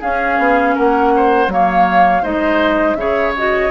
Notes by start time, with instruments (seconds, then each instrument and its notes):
0.00 clarinet C#4, bassoon C#4, oboe G#4, flute F5
0.38 bassoon B3
0.75 bassoon A#3, oboe A#4, flute F#5
1.16 oboe C5
1.48 bassoon F#3, clarinet A#3, oboe C#5, flute F5
2.22 bassoon G#3, clarinet D#4, oboe C5, flute D#5
2.95 bassoon C#3, clarinet G#4, oboe C#5, flute E5
3.37 clarinet F#4, flute D#5